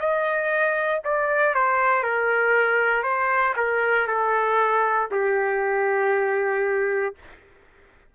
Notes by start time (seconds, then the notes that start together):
0.00 D#5
1.05 D5
1.54 C5
2.03 A#4
3.03 C5
3.57 A#4
4.08 A4
5.12 G4